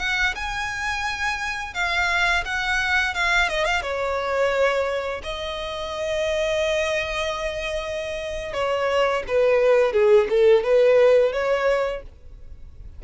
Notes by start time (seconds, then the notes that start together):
0.00 F#5
0.36 G#5
1.74 F5
2.45 F#5
3.15 F5
3.49 D#5
3.65 F5
3.83 C#5
5.24 D#5
8.54 C#5
9.28 B4
9.93 G#4
10.30 A4
10.64 B4
11.33 C#5